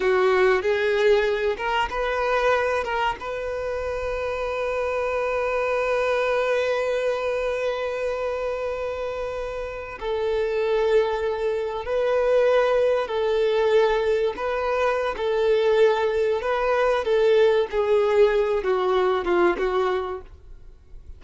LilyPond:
\new Staff \with { instrumentName = "violin" } { \time 4/4 \tempo 4 = 95 fis'4 gis'4. ais'8 b'4~ | b'8 ais'8 b'2.~ | b'1~ | b'2.~ b'8. a'16~ |
a'2~ a'8. b'4~ b'16~ | b'8. a'2 b'4~ b'16 | a'2 b'4 a'4 | gis'4. fis'4 f'8 fis'4 | }